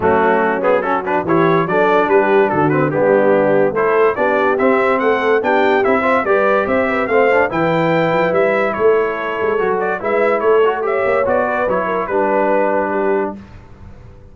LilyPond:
<<
  \new Staff \with { instrumentName = "trumpet" } { \time 4/4 \tempo 4 = 144 fis'4. gis'8 a'8 b'8 cis''4 | d''4 b'4 a'8 b'8 g'4~ | g'4 c''4 d''4 e''4 | fis''4 g''4 e''4 d''4 |
e''4 f''4 g''2 | e''4 cis''2~ cis''8 d''8 | e''4 cis''4 e''4 d''4 | cis''4 b'2. | }
  \new Staff \with { instrumentName = "horn" } { \time 4/4 cis'2 fis'4 g'4 | a'4 g'4 fis'4 d'4~ | d'4 a'4 g'2 | a'4 g'4. c''8 b'4 |
c''8 b'8 c''4 b'2~ | b'4 a'2. | b'4 a'4 cis''4. b'8~ | b'8 ais'8 b'2 g'4 | }
  \new Staff \with { instrumentName = "trombone" } { \time 4/4 a4. b8 cis'8 d'8 e'4 | d'2~ d'8 c'8 b4~ | b4 e'4 d'4 c'4~ | c'4 d'4 e'8 f'8 g'4~ |
g'4 c'8 d'8 e'2~ | e'2. fis'4 | e'4. fis'8 g'4 fis'4 | e'4 d'2. | }
  \new Staff \with { instrumentName = "tuba" } { \time 4/4 fis2. e4 | fis4 g4 d4 g4~ | g4 a4 b4 c'4 | a4 b4 c'4 g4 |
c'4 a4 e4. f8 | g4 a4. gis8 fis4 | gis4 a4. ais8 b4 | fis4 g2. | }
>>